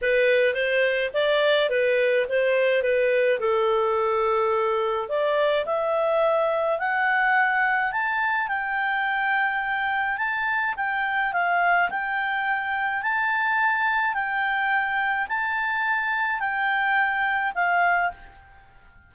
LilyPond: \new Staff \with { instrumentName = "clarinet" } { \time 4/4 \tempo 4 = 106 b'4 c''4 d''4 b'4 | c''4 b'4 a'2~ | a'4 d''4 e''2 | fis''2 a''4 g''4~ |
g''2 a''4 g''4 | f''4 g''2 a''4~ | a''4 g''2 a''4~ | a''4 g''2 f''4 | }